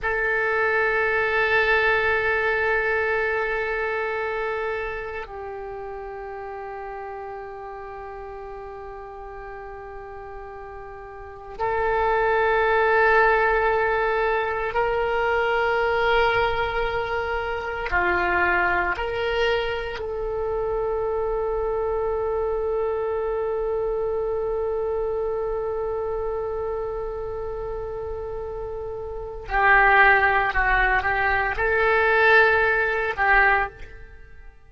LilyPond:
\new Staff \with { instrumentName = "oboe" } { \time 4/4 \tempo 4 = 57 a'1~ | a'4 g'2.~ | g'2. a'4~ | a'2 ais'2~ |
ais'4 f'4 ais'4 a'4~ | a'1~ | a'1 | g'4 fis'8 g'8 a'4. g'8 | }